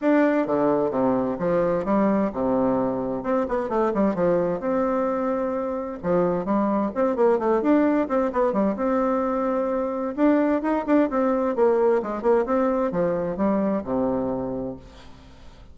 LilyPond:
\new Staff \with { instrumentName = "bassoon" } { \time 4/4 \tempo 4 = 130 d'4 d4 c4 f4 | g4 c2 c'8 b8 | a8 g8 f4 c'2~ | c'4 f4 g4 c'8 ais8 |
a8 d'4 c'8 b8 g8 c'4~ | c'2 d'4 dis'8 d'8 | c'4 ais4 gis8 ais8 c'4 | f4 g4 c2 | }